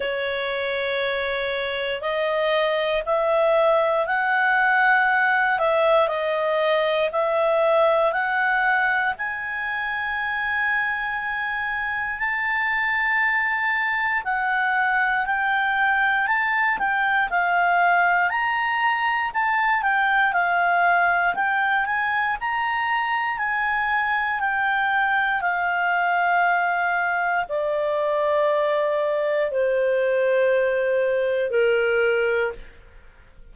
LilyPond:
\new Staff \with { instrumentName = "clarinet" } { \time 4/4 \tempo 4 = 59 cis''2 dis''4 e''4 | fis''4. e''8 dis''4 e''4 | fis''4 gis''2. | a''2 fis''4 g''4 |
a''8 g''8 f''4 ais''4 a''8 g''8 | f''4 g''8 gis''8 ais''4 gis''4 | g''4 f''2 d''4~ | d''4 c''2 ais'4 | }